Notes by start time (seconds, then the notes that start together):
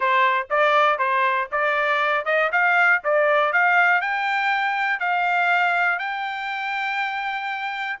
0.00 C5
0.50 D5
0.98 C5
1.51 D5
2.25 D#5
2.52 F5
3.04 D5
3.52 F5
4.01 G5
4.99 F5
5.98 G5